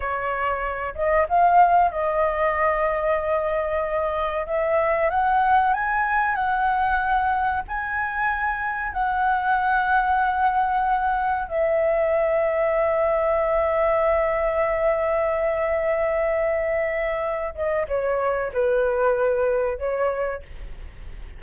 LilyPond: \new Staff \with { instrumentName = "flute" } { \time 4/4 \tempo 4 = 94 cis''4. dis''8 f''4 dis''4~ | dis''2. e''4 | fis''4 gis''4 fis''2 | gis''2 fis''2~ |
fis''2 e''2~ | e''1~ | e''2.~ e''8 dis''8 | cis''4 b'2 cis''4 | }